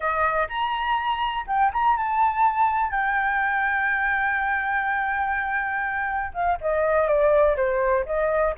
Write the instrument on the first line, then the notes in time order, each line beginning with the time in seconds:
flute
0.00 D#5
0.48 A#5
1.47 G5
1.73 A#5
1.96 A5
2.90 G5
6.33 F5
6.61 D#5
7.07 D5
7.56 C5
8.05 D#5